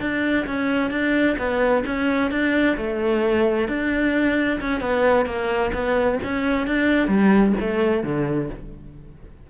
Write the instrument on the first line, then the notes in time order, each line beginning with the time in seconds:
cello
0.00 D4
0.46 C#4
0.90 D4
1.38 B3
1.86 C#4
2.30 D4
2.77 A3
3.68 D4
4.60 C#4
4.80 B3
5.25 A#3
5.73 B3
6.24 C#4
6.67 D4
7.07 G3
7.60 A3
8.03 D3